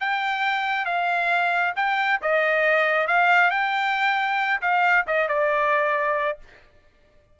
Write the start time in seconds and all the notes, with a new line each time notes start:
0.00 G5
0.85 F5
1.76 G5
2.22 D#5
3.07 F5
3.50 G5
4.61 F5
5.07 D#5
5.28 D5